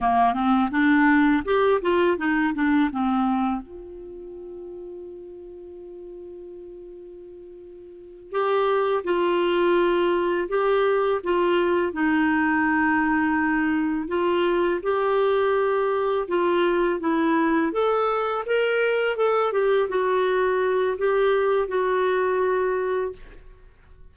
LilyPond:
\new Staff \with { instrumentName = "clarinet" } { \time 4/4 \tempo 4 = 83 ais8 c'8 d'4 g'8 f'8 dis'8 d'8 | c'4 f'2.~ | f'2.~ f'8 g'8~ | g'8 f'2 g'4 f'8~ |
f'8 dis'2. f'8~ | f'8 g'2 f'4 e'8~ | e'8 a'4 ais'4 a'8 g'8 fis'8~ | fis'4 g'4 fis'2 | }